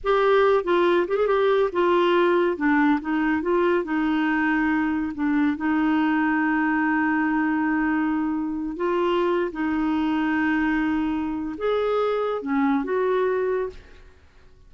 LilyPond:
\new Staff \with { instrumentName = "clarinet" } { \time 4/4 \tempo 4 = 140 g'4. f'4 g'16 gis'16 g'4 | f'2 d'4 dis'4 | f'4 dis'2. | d'4 dis'2.~ |
dis'1~ | dis'8 f'4.~ f'16 dis'4.~ dis'16~ | dis'2. gis'4~ | gis'4 cis'4 fis'2 | }